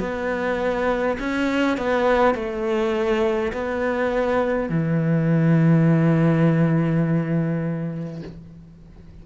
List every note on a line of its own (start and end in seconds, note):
0.00 1.18 B3
1.19 1.78 C#4
1.78 2.35 B3
2.35 3.52 A3
3.53 4.69 B3
4.69 8.22 E3